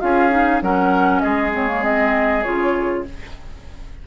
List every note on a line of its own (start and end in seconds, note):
0.00 0.62 C#4
0.00 0.30 F4
0.00 0.63 G#4
0.00 0.61 F5
0.30 0.60 D#4
0.62 1.22 F#3
0.62 1.52 C#4
0.62 1.22 A#4
0.62 1.20 F#5
1.20 2.45 G#3
1.20 3.04 G#4
1.20 1.50 D#5
1.52 1.67 C4
1.52 1.83 C#5
1.67 1.82 A#3
1.82 2.43 C4
1.82 2.43 D#5
2.43 3.07 C#3
2.43 3.05 F4
2.43 3.03 C#5